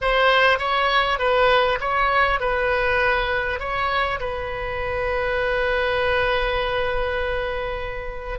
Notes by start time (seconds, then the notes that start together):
0.01 C5
0.58 C#5
1.18 B4
1.80 C#5
2.40 B4
3.59 C#5
4.20 B4